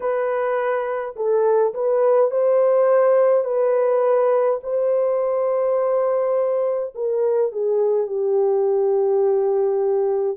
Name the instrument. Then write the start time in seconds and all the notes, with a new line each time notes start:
horn
0.00 B4
1.15 A4
1.74 B4
2.30 C5
3.44 B4
4.63 C5
6.94 A#4
7.52 G#4
8.07 G4